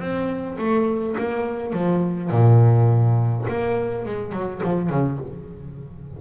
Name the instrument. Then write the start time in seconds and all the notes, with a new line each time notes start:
double bass
0.00 C4
0.58 A3
1.19 A#3
1.73 F3
2.31 A#2
3.48 A#3
4.06 G#3
4.33 F#3
4.64 F3
4.90 C#3